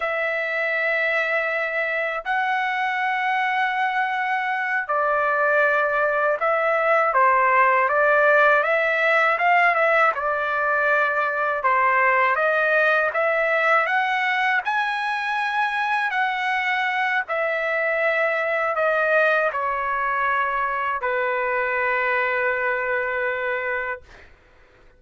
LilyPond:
\new Staff \with { instrumentName = "trumpet" } { \time 4/4 \tempo 4 = 80 e''2. fis''4~ | fis''2~ fis''8 d''4.~ | d''8 e''4 c''4 d''4 e''8~ | e''8 f''8 e''8 d''2 c''8~ |
c''8 dis''4 e''4 fis''4 gis''8~ | gis''4. fis''4. e''4~ | e''4 dis''4 cis''2 | b'1 | }